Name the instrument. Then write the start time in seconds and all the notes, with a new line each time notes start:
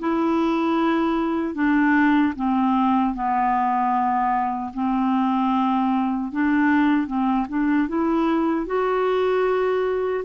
clarinet
0.00 E4
1.55 D4
2.36 C4
3.15 B3
4.74 C4
6.32 D4
7.07 C4
7.49 D4
7.89 E4
8.67 F#4